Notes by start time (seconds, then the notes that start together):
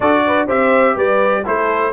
0.00 D4 F#4 A4 D5
0.26 B4
0.47 C4 G4 C5 E5
0.95 G3 B4 D5
1.44 A3 E4 A4 C5